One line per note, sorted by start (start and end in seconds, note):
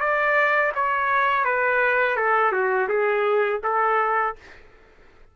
0.00 0.72 D5
0.75 1.45 C#5
1.45 2.16 B4
2.16 2.52 A4
2.52 2.88 F#4
2.88 3.61 G#4
3.64 4.36 A4